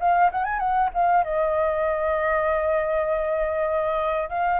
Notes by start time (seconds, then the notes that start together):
0.00 F5
0.32 F#5
0.44 G#5
0.59 F#5
0.94 F5
1.24 D#5
4.29 F5